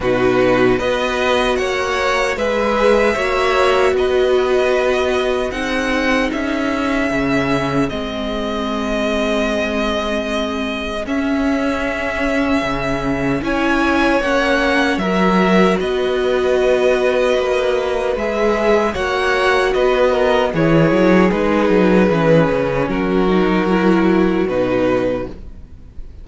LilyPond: <<
  \new Staff \with { instrumentName = "violin" } { \time 4/4 \tempo 4 = 76 b'4 dis''4 fis''4 e''4~ | e''4 dis''2 fis''4 | e''2 dis''2~ | dis''2 e''2~ |
e''4 gis''4 fis''4 e''4 | dis''2. e''4 | fis''4 dis''4 cis''4 b'4~ | b'4 ais'2 b'4 | }
  \new Staff \with { instrumentName = "violin" } { \time 4/4 fis'4 b'4 cis''4 b'4 | cis''4 b'2 gis'4~ | gis'1~ | gis'1~ |
gis'4 cis''2 ais'4 | b'1 | cis''4 b'8 ais'8 gis'2~ | gis'4 fis'2. | }
  \new Staff \with { instrumentName = "viola" } { \time 4/4 dis'4 fis'2 gis'4 | fis'2. dis'4~ | dis'4 cis'4 c'2~ | c'2 cis'2~ |
cis'4 e'4 cis'4 fis'4~ | fis'2. gis'4 | fis'2 e'4 dis'4 | cis'4. dis'8 e'4 dis'4 | }
  \new Staff \with { instrumentName = "cello" } { \time 4/4 b,4 b4 ais4 gis4 | ais4 b2 c'4 | cis'4 cis4 gis2~ | gis2 cis'2 |
cis4 cis'4 ais4 fis4 | b2 ais4 gis4 | ais4 b4 e8 fis8 gis8 fis8 | e8 cis8 fis2 b,4 | }
>>